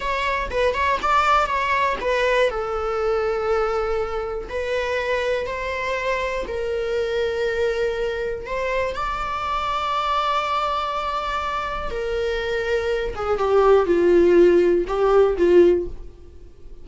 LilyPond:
\new Staff \with { instrumentName = "viola" } { \time 4/4 \tempo 4 = 121 cis''4 b'8 cis''8 d''4 cis''4 | b'4 a'2.~ | a'4 b'2 c''4~ | c''4 ais'2.~ |
ais'4 c''4 d''2~ | d''1 | ais'2~ ais'8 gis'8 g'4 | f'2 g'4 f'4 | }